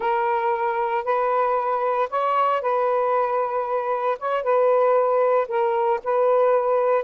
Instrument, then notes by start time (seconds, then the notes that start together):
saxophone
0.00 A#4
1.04 B4
2.10 C#5
2.61 B4
4.19 C#5
4.43 B4
5.48 A#4
6.04 B4